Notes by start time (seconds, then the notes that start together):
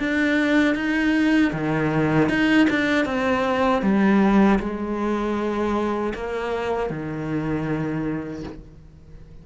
0.00 D4
0.76 D#4
1.53 D#3
2.29 D#4
2.70 D4
3.06 C4
3.83 G3
4.60 G#3
6.15 A#3
6.90 D#3